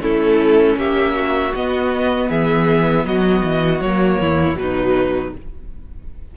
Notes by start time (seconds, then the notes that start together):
0.00 A3 C#4 E4 A4
0.77 A#3 G4 E5
1.15 F#4
1.55 B3 D#5
2.29 E3 G#4 E5
3.05 F#3 F#4 D#5
3.43 E3
3.81 F#3 A#3 C#5
4.20 E2 E4
4.55 B2 F#3 D#4 B4